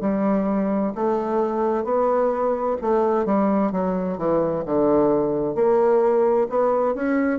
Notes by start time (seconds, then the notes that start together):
0.00 G3
0.94 A3
1.84 B3
2.81 A3
3.25 G3
3.71 F#3
4.17 E3
4.65 D3
5.55 A#3
6.49 B3
6.94 C#4